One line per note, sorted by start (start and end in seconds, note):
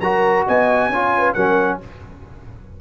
0.00 0.44 F#3
0.00 0.92 F#4
0.00 0.46 A#4
0.00 0.44 A#5
0.46 0.89 B3
0.46 0.91 D#5
0.46 1.33 G#5
0.89 1.33 C#4
0.89 1.36 F4
0.89 1.14 C#5
1.17 1.34 B4
1.33 1.80 F#3
1.33 1.80 C#4
1.33 1.79 A#4
1.33 1.78 F#5